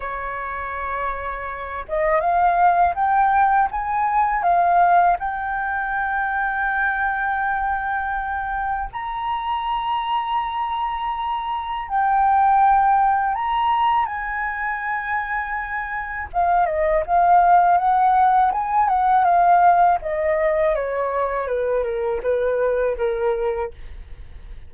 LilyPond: \new Staff \with { instrumentName = "flute" } { \time 4/4 \tempo 4 = 81 cis''2~ cis''8 dis''8 f''4 | g''4 gis''4 f''4 g''4~ | g''1 | ais''1 |
g''2 ais''4 gis''4~ | gis''2 f''8 dis''8 f''4 | fis''4 gis''8 fis''8 f''4 dis''4 | cis''4 b'8 ais'8 b'4 ais'4 | }